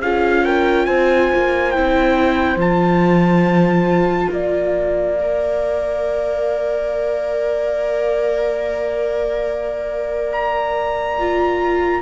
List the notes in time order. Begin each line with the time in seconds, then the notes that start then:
0.00 C#4 F4 G#4 F5
0.44 A#4 G5
0.85 C4 C5 G#5
1.34 A#3
1.71 E4 G5
1.77 C4
2.56 F3 F4 A5
4.30 A#3 D5 F5
5.18 A#4
10.32 A#5
11.18 F4